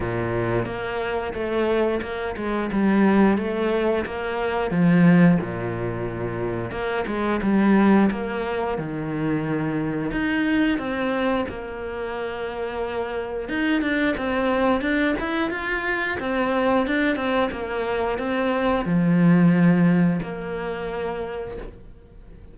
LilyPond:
\new Staff \with { instrumentName = "cello" } { \time 4/4 \tempo 4 = 89 ais,4 ais4 a4 ais8 gis8 | g4 a4 ais4 f4 | ais,2 ais8 gis8 g4 | ais4 dis2 dis'4 |
c'4 ais2. | dis'8 d'8 c'4 d'8 e'8 f'4 | c'4 d'8 c'8 ais4 c'4 | f2 ais2 | }